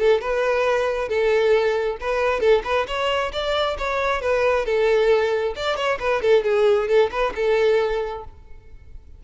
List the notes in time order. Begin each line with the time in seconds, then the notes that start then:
0.00 A4
0.22 B4
1.09 A4
2.01 B4
2.41 A4
2.65 B4
2.88 C#5
3.33 D5
3.79 C#5
4.22 B4
4.66 A4
5.56 D5
5.76 C#5
6.00 B4
6.22 A4
6.44 G#4
6.88 A4
7.12 B4
7.36 A4